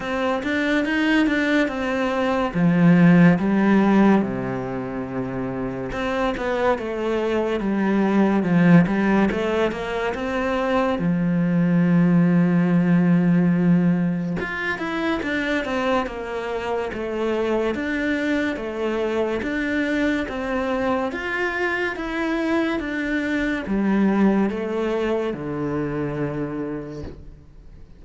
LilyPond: \new Staff \with { instrumentName = "cello" } { \time 4/4 \tempo 4 = 71 c'8 d'8 dis'8 d'8 c'4 f4 | g4 c2 c'8 b8 | a4 g4 f8 g8 a8 ais8 | c'4 f2.~ |
f4 f'8 e'8 d'8 c'8 ais4 | a4 d'4 a4 d'4 | c'4 f'4 e'4 d'4 | g4 a4 d2 | }